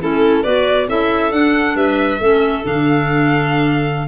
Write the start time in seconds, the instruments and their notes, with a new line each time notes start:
0.00 tuba A3, clarinet C#4 E4, violin A4
0.42 tuba B3, clarinet F#4 B4, violin D5
0.88 tuba C#4, clarinet E4 A4, violin E5
1.31 tuba D4, clarinet D4, violin F#5
1.75 tuba G3, clarinet B4, violin E5
2.19 tuba A3, clarinet C#4 A4
2.63 tuba D3, clarinet D4, violin F5